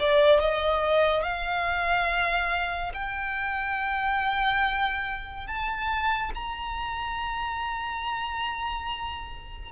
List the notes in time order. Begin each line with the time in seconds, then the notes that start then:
0.00 D5
0.40 D#5
1.23 F5
2.94 G5
5.47 A5
6.35 A#5